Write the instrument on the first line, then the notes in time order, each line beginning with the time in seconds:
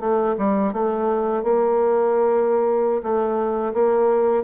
bassoon
0.00 A3
0.38 G3
0.73 A3
1.43 A#3
3.03 A3
3.73 A#3